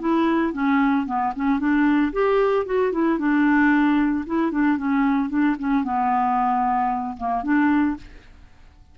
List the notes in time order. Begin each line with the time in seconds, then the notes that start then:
0.00 E4
0.53 C#4
1.06 B3
1.36 C#4
1.60 D4
2.13 G4
2.66 F#4
2.92 E4
3.19 D4
4.26 E4
4.52 D4
4.78 C#4
5.30 D4
5.59 C#4
5.84 B3
7.17 A#3
7.44 D4